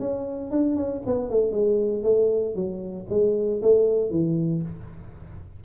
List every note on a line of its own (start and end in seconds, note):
0.00 0.51 C#4
0.51 0.76 D4
0.76 1.02 C#4
1.06 1.30 B3
1.30 1.52 A3
1.52 2.04 G#3
2.04 2.55 A3
2.56 3.07 F#3
3.10 3.62 G#3
3.62 4.11 A3
4.11 4.62 E3